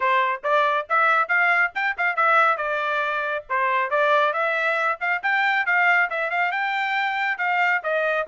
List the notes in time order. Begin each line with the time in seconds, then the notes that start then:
0.00 C5
0.43 D5
0.89 E5
1.28 F5
1.74 G5
1.97 F5
2.16 E5
2.57 D5
3.49 C5
3.90 D5
4.33 E5
5.00 F5
5.23 G5
5.66 F5
6.10 E5
6.30 F5
6.51 G5
7.38 F5
7.83 D#5